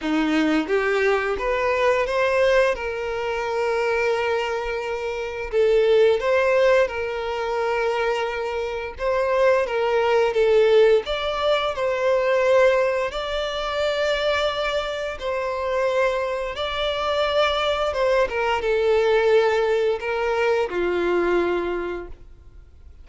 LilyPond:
\new Staff \with { instrumentName = "violin" } { \time 4/4 \tempo 4 = 87 dis'4 g'4 b'4 c''4 | ais'1 | a'4 c''4 ais'2~ | ais'4 c''4 ais'4 a'4 |
d''4 c''2 d''4~ | d''2 c''2 | d''2 c''8 ais'8 a'4~ | a'4 ais'4 f'2 | }